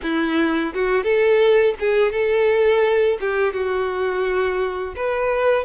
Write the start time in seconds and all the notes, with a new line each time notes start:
0.03 E4
0.73 F#4
1.03 A4
1.79 G#4
2.12 A4
3.20 G4
3.53 F#4
4.95 B4